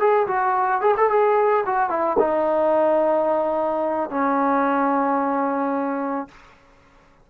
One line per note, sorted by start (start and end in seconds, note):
0.00 0.27 G#4
0.28 0.82 F#4
0.82 0.95 G#4
0.98 1.10 A4
1.10 1.65 G#4
1.66 1.90 F#4
1.90 2.17 E4
2.19 4.10 D#4
4.10 6.29 C#4